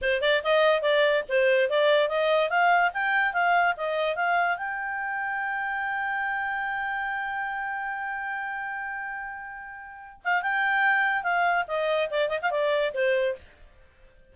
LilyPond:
\new Staff \with { instrumentName = "clarinet" } { \time 4/4 \tempo 4 = 144 c''8 d''8 dis''4 d''4 c''4 | d''4 dis''4 f''4 g''4 | f''4 dis''4 f''4 g''4~ | g''1~ |
g''1~ | g''1~ | g''8 f''8 g''2 f''4 | dis''4 d''8 dis''16 f''16 d''4 c''4 | }